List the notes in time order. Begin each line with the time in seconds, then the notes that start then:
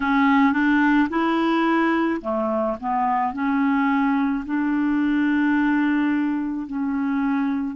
0.00 C#4
0.53 D4
1.09 E4
2.21 A3
2.80 B3
3.33 C#4
4.45 D4
6.66 C#4